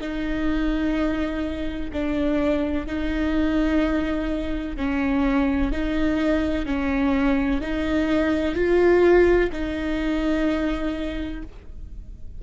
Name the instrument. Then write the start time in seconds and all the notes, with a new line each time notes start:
viola
0.00 D#4
1.93 D4
2.87 D#4
4.76 C#4
5.71 D#4
6.66 C#4
7.61 D#4
8.55 F4
9.52 D#4